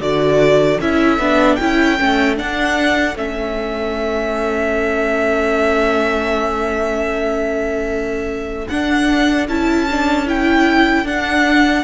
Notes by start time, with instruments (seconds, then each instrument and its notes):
0.00 cello D3, viola F#4, violin A4 D5
0.80 cello C#4, viola E4, violin E5
1.18 cello B3, viola D4
1.56 cello C#4, viola E4, violin G5
1.98 cello A3, viola C#4
2.36 viola D4, cello D4, violin F#5
3.15 cello A3, viola C#4, violin E5
8.68 cello D4, viola D4, violin F#5
9.48 cello C#4, viola E4, violin A5
9.90 viola D4
10.26 viola E4, violin G5
11.04 cello D4, viola D4, violin F#5